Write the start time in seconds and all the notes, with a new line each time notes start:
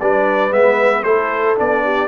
0.00 G3 D4 B4 D5
0.51 G#3 B3 E5
1.03 A3 E4 A4 C5
1.57 B3 D4 D5
1.84 G4